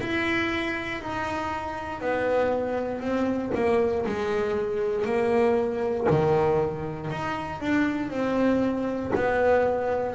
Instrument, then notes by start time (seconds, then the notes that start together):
double bass
0.00 E4
1.01 D#4
2.00 B3
3.00 C4
3.54 A#3
4.05 G#3
5.05 A#3
6.09 D#3
7.10 D#4
7.60 D4
8.10 C4
9.14 B3